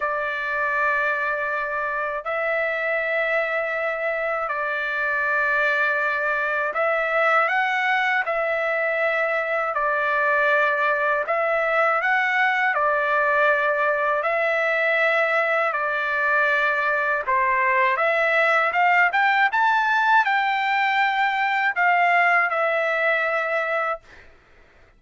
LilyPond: \new Staff \with { instrumentName = "trumpet" } { \time 4/4 \tempo 4 = 80 d''2. e''4~ | e''2 d''2~ | d''4 e''4 fis''4 e''4~ | e''4 d''2 e''4 |
fis''4 d''2 e''4~ | e''4 d''2 c''4 | e''4 f''8 g''8 a''4 g''4~ | g''4 f''4 e''2 | }